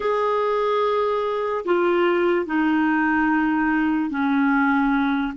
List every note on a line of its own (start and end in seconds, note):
0.00 1.64 G#4
1.65 2.46 F4
2.46 4.10 D#4
4.10 5.33 C#4